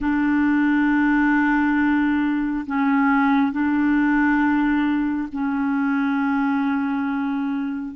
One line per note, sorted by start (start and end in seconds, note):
0.00 2.65 D4
2.66 3.51 C#4
3.51 5.28 D4
5.32 7.95 C#4